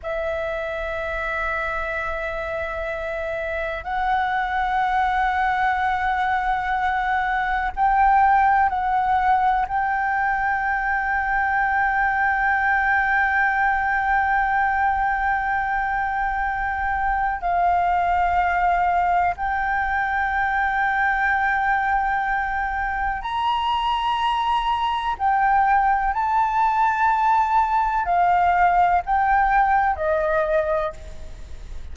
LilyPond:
\new Staff \with { instrumentName = "flute" } { \time 4/4 \tempo 4 = 62 e''1 | fis''1 | g''4 fis''4 g''2~ | g''1~ |
g''2 f''2 | g''1 | ais''2 g''4 a''4~ | a''4 f''4 g''4 dis''4 | }